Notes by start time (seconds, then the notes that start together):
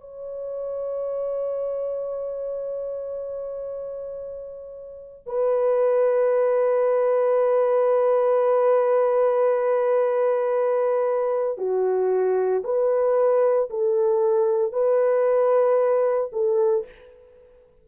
0.00 C#5
5.26 B4
11.57 F#4
12.64 B4
13.70 A4
14.72 B4
16.32 A4